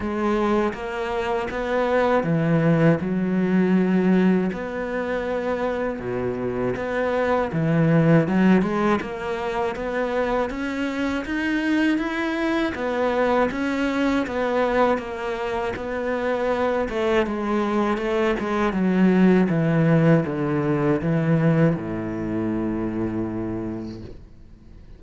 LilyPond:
\new Staff \with { instrumentName = "cello" } { \time 4/4 \tempo 4 = 80 gis4 ais4 b4 e4 | fis2 b2 | b,4 b4 e4 fis8 gis8 | ais4 b4 cis'4 dis'4 |
e'4 b4 cis'4 b4 | ais4 b4. a8 gis4 | a8 gis8 fis4 e4 d4 | e4 a,2. | }